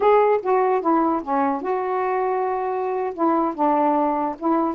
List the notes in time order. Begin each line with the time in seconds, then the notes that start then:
0.00 G#4
0.42 F#4
0.81 E4
1.23 C#4
1.61 F#4
3.14 E4
3.55 D4
4.39 E4